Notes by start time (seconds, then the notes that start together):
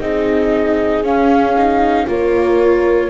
0.00 C4 D#4 G#4 D#5
1.03 C#4 F5
1.57 D#4
2.07 A#3 F4 A#4 C#5